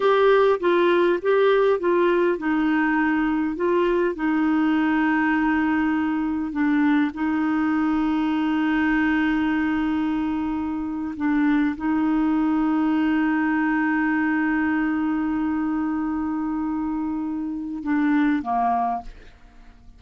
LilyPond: \new Staff \with { instrumentName = "clarinet" } { \time 4/4 \tempo 4 = 101 g'4 f'4 g'4 f'4 | dis'2 f'4 dis'4~ | dis'2. d'4 | dis'1~ |
dis'2~ dis'8. d'4 dis'16~ | dis'1~ | dis'1~ | dis'2 d'4 ais4 | }